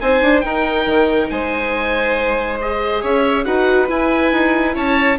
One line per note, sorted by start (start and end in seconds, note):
0.00 0.21 C4
0.00 2.60 D#4
0.00 0.44 C5
0.00 0.40 G#5
0.21 0.43 D4
0.40 0.86 D#4
0.40 1.30 A#4
0.40 1.26 G5
0.86 1.29 D#3
1.29 3.03 G#3
1.29 3.01 C5
1.29 2.59 G#5
2.60 3.45 G#4
2.60 3.03 D#5
3.01 3.45 C#4
3.01 3.44 C#5
3.01 3.44 E5
3.44 3.88 D#4
3.44 3.88 F#4
3.44 4.74 B4
3.44 3.87 F#5
3.88 5.17 E4
3.88 4.31 E4
3.88 4.76 G#5
4.31 4.74 D#4
4.74 5.18 C#4
4.74 5.17 C#5
4.74 5.18 A5